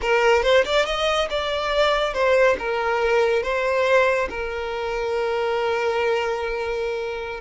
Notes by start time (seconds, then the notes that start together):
0.01 A#4
0.42 C5
0.64 D5
0.85 D#5
1.30 D5
2.13 C5
2.59 A#4
3.42 C5
4.29 A#4